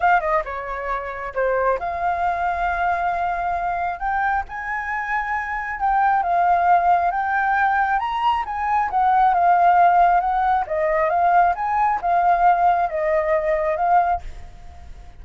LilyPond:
\new Staff \with { instrumentName = "flute" } { \time 4/4 \tempo 4 = 135 f''8 dis''8 cis''2 c''4 | f''1~ | f''4 g''4 gis''2~ | gis''4 g''4 f''2 |
g''2 ais''4 gis''4 | fis''4 f''2 fis''4 | dis''4 f''4 gis''4 f''4~ | f''4 dis''2 f''4 | }